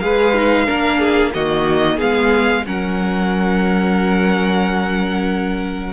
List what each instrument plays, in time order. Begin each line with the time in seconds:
0.00 cello G#3, viola G#4, violin B4 F5
0.35 viola D#4
0.66 cello A#3, viola D4, violin A#4
0.99 violin G#4
1.34 cello D#3, viola A#3, violin F#4 D#5
1.97 cello G#3, viola B3, violin G#4 F5
2.66 cello F#3, viola C#4, violin A#4 F#5